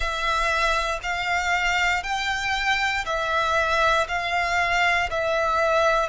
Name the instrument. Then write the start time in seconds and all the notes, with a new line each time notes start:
violin
0.00 E5
1.02 F5
2.03 G5
3.05 E5
4.08 F5
5.10 E5